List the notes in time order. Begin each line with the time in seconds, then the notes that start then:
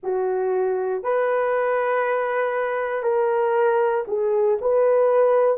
0.03 F#4
1.03 B4
3.02 A#4
4.07 G#4
4.61 B4